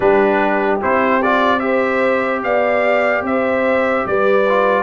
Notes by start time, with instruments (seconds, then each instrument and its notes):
0.00 tuba G3, trombone D4, horn G4, trumpet B4
0.81 tuba C4, trombone E4, trumpet C5
1.22 trombone F4, trumpet D5
1.59 trombone G4, horn C5, trumpet E5
2.43 tuba B3, horn D5, trumpet F5
3.22 tuba C4, horn C5, trumpet E5
4.06 tuba G3, horn B4, trumpet D5
4.48 trombone F4